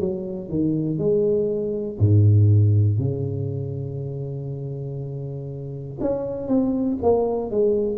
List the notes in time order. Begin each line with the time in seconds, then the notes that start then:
0.00 F#3
0.50 D#3
0.99 G#3
1.99 G#2
2.99 C#3
6.00 C#4
6.48 C4
7.02 A#3
7.50 G#3